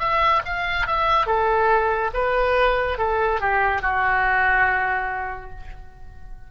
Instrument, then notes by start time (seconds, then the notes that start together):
oboe
0.00 E5
0.45 F5
0.87 E5
1.26 A4
2.14 B4
2.98 A4
3.41 G4
3.82 F#4